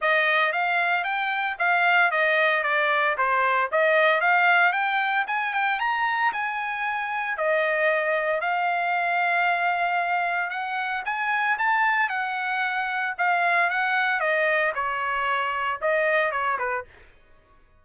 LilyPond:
\new Staff \with { instrumentName = "trumpet" } { \time 4/4 \tempo 4 = 114 dis''4 f''4 g''4 f''4 | dis''4 d''4 c''4 dis''4 | f''4 g''4 gis''8 g''8 ais''4 | gis''2 dis''2 |
f''1 | fis''4 gis''4 a''4 fis''4~ | fis''4 f''4 fis''4 dis''4 | cis''2 dis''4 cis''8 b'8 | }